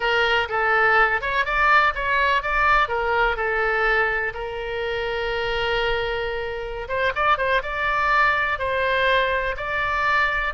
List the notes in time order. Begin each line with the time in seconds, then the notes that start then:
0.00 A#4
0.49 A4
1.21 C#5
1.45 D5
1.94 C#5
2.42 D5
2.88 A#4
3.36 A4
4.34 A#4
6.88 C5
7.15 D5
7.37 C5
7.62 D5
8.58 C5
9.56 D5